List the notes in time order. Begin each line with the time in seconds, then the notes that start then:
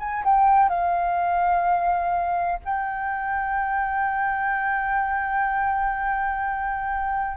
0.00 G#5
0.25 G5
0.69 F5
2.66 G5